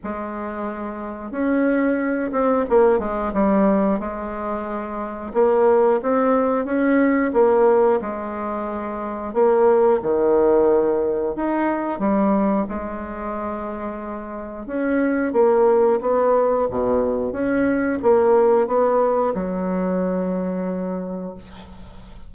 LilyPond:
\new Staff \with { instrumentName = "bassoon" } { \time 4/4 \tempo 4 = 90 gis2 cis'4. c'8 | ais8 gis8 g4 gis2 | ais4 c'4 cis'4 ais4 | gis2 ais4 dis4~ |
dis4 dis'4 g4 gis4~ | gis2 cis'4 ais4 | b4 b,4 cis'4 ais4 | b4 fis2. | }